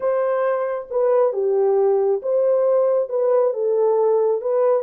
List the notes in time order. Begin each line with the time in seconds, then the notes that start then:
0.00 C5
0.90 B4
1.33 G4
2.22 C5
3.09 B4
3.53 A4
4.41 B4